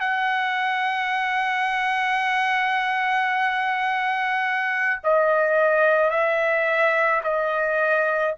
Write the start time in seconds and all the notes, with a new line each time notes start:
0.00 F#5
5.04 D#5
6.11 E5
7.24 D#5